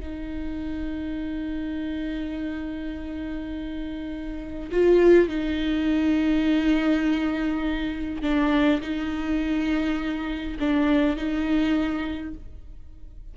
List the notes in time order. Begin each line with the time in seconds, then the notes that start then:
0.00 D#4
4.72 F4
5.29 D#4
8.22 D4
8.82 D#4
10.60 D4
11.17 D#4